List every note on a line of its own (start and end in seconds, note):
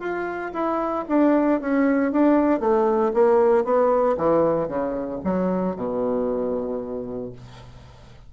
0.00 0.52 F4
0.53 1.05 E4
1.09 1.61 D4
1.61 2.12 C#4
2.12 2.60 D4
2.60 3.12 A3
3.14 3.64 A#3
3.64 4.16 B3
4.17 4.68 E3
4.68 5.20 C#3
5.24 5.76 F#3
5.76 7.33 B2